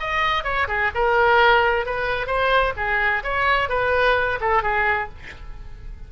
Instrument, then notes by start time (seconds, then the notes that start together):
oboe
0.00 D#5
0.44 C#5
0.68 G#4
0.95 A#4
1.86 B4
2.27 C5
2.77 G#4
3.23 C#5
3.69 B4
4.41 A4
4.62 G#4